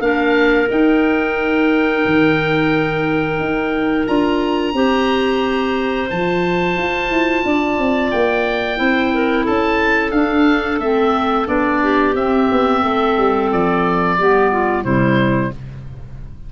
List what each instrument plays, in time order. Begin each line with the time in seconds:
0.00 tuba A#3, clarinet D4 A#4, oboe F5
0.70 clarinet D#4, tuba D#4, oboe G5
2.05 tuba D#3
3.39 tuba D#4
4.06 tuba D4, clarinet F4, oboe A#5
4.73 tuba C4, clarinet G4 C5
6.09 tuba F3, clarinet F4, oboe A5
6.77 tuba F4
7.09 tuba E4
7.45 tuba D4, clarinet D5
7.78 tuba C4
8.11 tuba A#3, oboe G5
8.77 tuba C4, clarinet E4 C5
9.14 clarinet A#4
9.44 tuba C#4, clarinet A4, oboe A5
10.12 tuba D4, clarinet D4, oboe F5
10.79 tuba A3, clarinet C4, oboe E5
11.47 tuba B3, clarinet D4, oboe D5
11.83 clarinet G4
12.14 tuba C4, clarinet C4, oboe E5
12.51 tuba B3
12.82 tuba A3, clarinet A4
13.18 tuba G3
13.52 tuba F3, oboe D5
14.18 tuba G3, clarinet B3 G4
14.51 clarinet F4
14.83 tuba C3, clarinet G3 E4, oboe C5